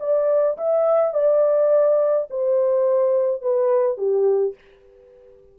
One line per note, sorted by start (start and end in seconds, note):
0.00 0.57 D5
0.58 1.14 E5
1.14 2.29 D5
2.30 3.42 C5
3.42 3.98 B4
3.98 4.55 G4